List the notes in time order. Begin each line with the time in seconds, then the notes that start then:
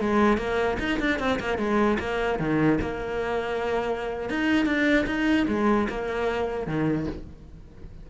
0.00 G#3
0.37 A#3
0.79 D#4
1.00 D4
1.19 C4
1.39 A#3
1.58 G#3
1.99 A#3
2.39 D#3
2.81 A#3
4.29 D#4
4.66 D4
5.07 D#4
5.48 G#3
5.89 A#3
6.67 D#3